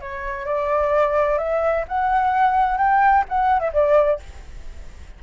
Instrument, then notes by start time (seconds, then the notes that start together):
flute
0.00 C#5
0.46 D5
1.38 E5
1.88 F#5
2.77 G5
3.28 F#5
3.59 E5
3.72 D5